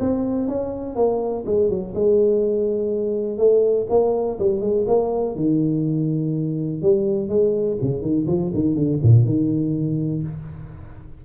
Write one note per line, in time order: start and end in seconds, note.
0.00 0.48 C4
0.48 0.96 C#4
0.96 1.44 A#3
1.46 1.70 G#3
1.70 1.94 F#3
1.95 3.38 G#3
3.38 3.87 A3
3.89 4.38 A#3
4.39 4.61 G3
4.61 4.85 G#3
4.87 5.35 A#3
5.35 6.82 D#3
6.82 7.29 G3
7.29 7.78 G#3
7.81 8.02 C#3
8.02 8.26 D#3
8.27 8.51 F3
8.54 8.75 D#3
8.75 8.99 D3
9.03 9.25 A#2
9.25 10.23 D#3